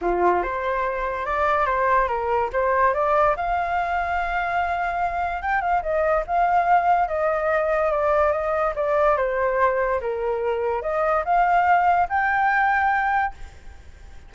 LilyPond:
\new Staff \with { instrumentName = "flute" } { \time 4/4 \tempo 4 = 144 f'4 c''2 d''4 | c''4 ais'4 c''4 d''4 | f''1~ | f''4 g''8 f''8 dis''4 f''4~ |
f''4 dis''2 d''4 | dis''4 d''4 c''2 | ais'2 dis''4 f''4~ | f''4 g''2. | }